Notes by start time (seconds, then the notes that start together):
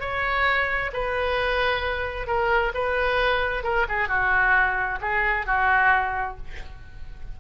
0.00 C#5
0.93 B4
2.27 A#4
2.74 B4
3.63 A#4
3.88 G#4
4.08 F#4
5.01 G#4
5.46 F#4